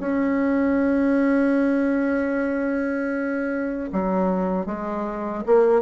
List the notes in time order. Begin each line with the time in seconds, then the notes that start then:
0.00 C#4
3.92 F#3
4.66 G#3
5.46 A#3